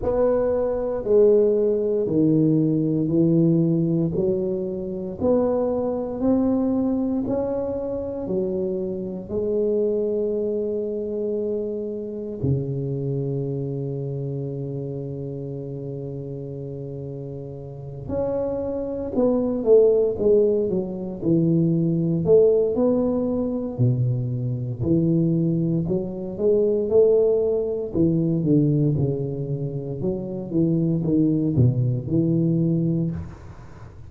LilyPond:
\new Staff \with { instrumentName = "tuba" } { \time 4/4 \tempo 4 = 58 b4 gis4 dis4 e4 | fis4 b4 c'4 cis'4 | fis4 gis2. | cis1~ |
cis4. cis'4 b8 a8 gis8 | fis8 e4 a8 b4 b,4 | e4 fis8 gis8 a4 e8 d8 | cis4 fis8 e8 dis8 b,8 e4 | }